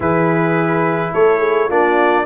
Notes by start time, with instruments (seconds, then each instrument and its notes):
0.00 tuba E3, trombone E4, horn G#4, trumpet B4
1.13 tuba A3, horn A4, trumpet C#5
1.38 horn G#4
1.68 tuba A#3, trombone D4, horn F4, trumpet D5